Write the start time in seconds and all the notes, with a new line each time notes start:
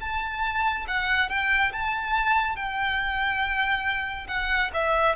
0.00 A5
0.87 F#5
1.29 G5
1.72 A5
2.56 G5
4.27 F#5
4.73 E5